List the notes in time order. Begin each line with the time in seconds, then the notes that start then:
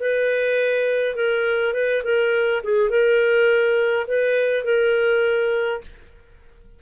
0.00 B4
1.15 A#4
1.73 B4
2.04 A#4
2.63 G#4
2.90 A#4
4.07 B4
4.64 A#4